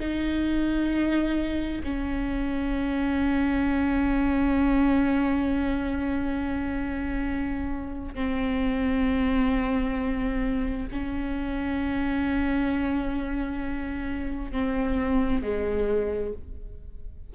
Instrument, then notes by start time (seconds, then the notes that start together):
viola
0.00 D#4
1.84 C#4
8.15 C4
10.92 C#4
14.52 C4
15.43 G#3